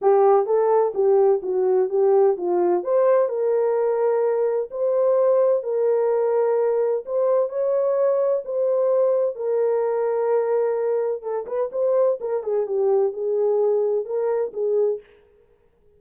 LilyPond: \new Staff \with { instrumentName = "horn" } { \time 4/4 \tempo 4 = 128 g'4 a'4 g'4 fis'4 | g'4 f'4 c''4 ais'4~ | ais'2 c''2 | ais'2. c''4 |
cis''2 c''2 | ais'1 | a'8 b'8 c''4 ais'8 gis'8 g'4 | gis'2 ais'4 gis'4 | }